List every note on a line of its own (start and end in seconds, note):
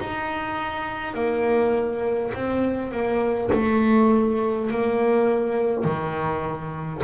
0.00 1.14 D#4
1.14 2.32 A#3
2.34 2.92 C4
2.92 3.51 A#3
3.53 4.71 A3
4.71 5.84 A#3
5.84 7.02 D#3